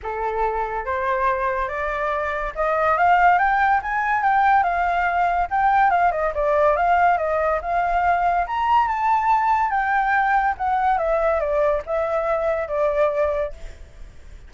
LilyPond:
\new Staff \with { instrumentName = "flute" } { \time 4/4 \tempo 4 = 142 a'2 c''2 | d''2 dis''4 f''4 | g''4 gis''4 g''4 f''4~ | f''4 g''4 f''8 dis''8 d''4 |
f''4 dis''4 f''2 | ais''4 a''2 g''4~ | g''4 fis''4 e''4 d''4 | e''2 d''2 | }